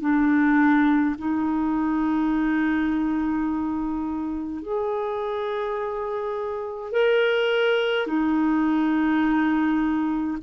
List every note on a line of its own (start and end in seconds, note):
0.00 1.15 D4
1.17 4.62 D#4
4.62 6.91 G#4
6.91 8.06 A#4
8.06 10.37 D#4